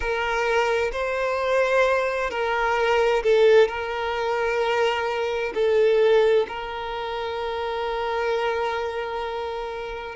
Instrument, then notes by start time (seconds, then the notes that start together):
violin
0.00 A#4
0.92 C5
2.30 A#4
3.23 A4
3.68 A#4
5.54 A4
6.47 A#4